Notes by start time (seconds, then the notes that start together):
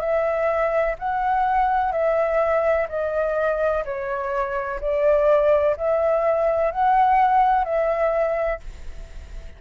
0.00 E5
0.99 F#5
1.92 E5
2.88 D#5
3.84 C#5
4.81 D5
5.77 E5
6.71 F#5
7.64 E5